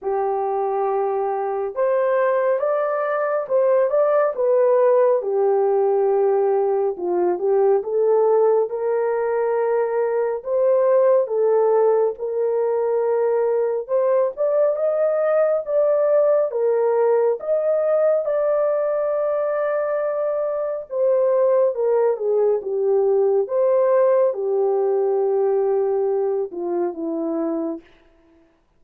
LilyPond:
\new Staff \with { instrumentName = "horn" } { \time 4/4 \tempo 4 = 69 g'2 c''4 d''4 | c''8 d''8 b'4 g'2 | f'8 g'8 a'4 ais'2 | c''4 a'4 ais'2 |
c''8 d''8 dis''4 d''4 ais'4 | dis''4 d''2. | c''4 ais'8 gis'8 g'4 c''4 | g'2~ g'8 f'8 e'4 | }